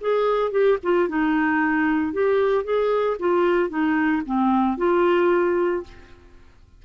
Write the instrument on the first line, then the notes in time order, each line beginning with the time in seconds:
clarinet
0.00 G#4
0.51 G4
0.83 F4
1.08 D#4
2.13 G4
2.64 G#4
3.19 F4
3.69 D#4
4.25 C4
4.77 F4